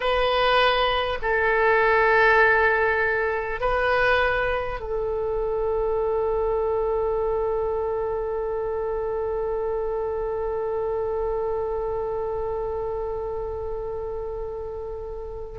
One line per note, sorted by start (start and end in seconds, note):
0.00 1.18 B4
1.22 3.60 A4
3.60 4.79 B4
4.79 15.58 A4